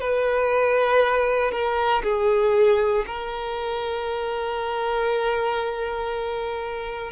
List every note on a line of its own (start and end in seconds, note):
0.00 1.51 B4
1.51 2.02 A#4
2.03 3.05 G#4
3.06 7.11 A#4